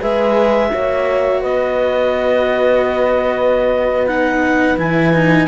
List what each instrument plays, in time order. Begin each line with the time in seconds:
0.00 cello G#3 G#4, horn B4, clarinet E5
0.72 cello A#3 F#4, horn C#5
1.41 cello B3, horn B4, clarinet D#5
4.07 cello D#4, clarinet F#5
4.78 cello E3 E4, clarinet G#5
5.13 cello D#4